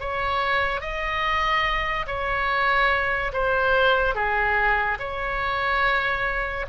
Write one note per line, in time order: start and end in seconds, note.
0.00 0.81 C#5
0.81 2.06 D#5
2.07 3.32 C#5
3.33 4.15 C5
4.15 4.98 G#4
4.99 6.66 C#5